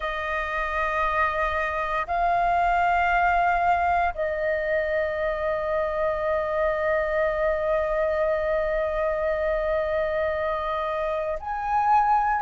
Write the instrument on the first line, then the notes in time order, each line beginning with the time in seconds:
flute
0.00 D#5
2.07 F5
4.14 D#5
11.39 G#5